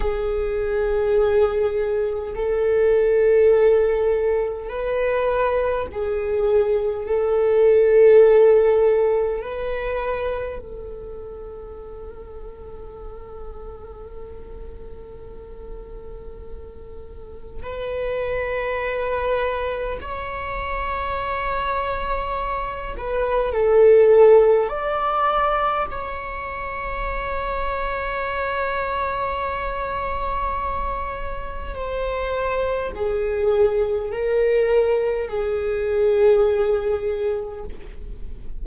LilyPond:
\new Staff \with { instrumentName = "viola" } { \time 4/4 \tempo 4 = 51 gis'2 a'2 | b'4 gis'4 a'2 | b'4 a'2.~ | a'2. b'4~ |
b'4 cis''2~ cis''8 b'8 | a'4 d''4 cis''2~ | cis''2. c''4 | gis'4 ais'4 gis'2 | }